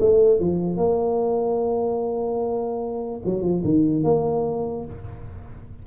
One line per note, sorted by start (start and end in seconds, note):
0.00 0.40 A3
0.40 0.77 F3
0.77 3.20 A#3
3.25 3.42 F#3
3.42 3.62 F3
3.64 4.04 D#3
4.04 4.85 A#3